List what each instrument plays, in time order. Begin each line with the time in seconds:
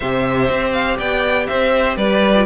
0.00 cello C3, viola G4, violin C5 E5
0.49 cello C4
0.72 violin F5
0.97 cello B3, violin D5 G5
1.47 cello C4, violin C5 E5
1.97 cello G3, violin B4 D5
2.35 viola F4